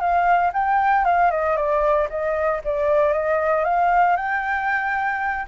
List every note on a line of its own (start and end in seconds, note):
0.00 0.52 F5
0.53 1.05 G5
1.05 1.30 F5
1.31 1.56 D#5
1.56 2.08 D5
2.09 2.61 D#5
2.64 3.13 D5
3.13 3.64 D#5
3.64 4.16 F5
4.16 5.46 G5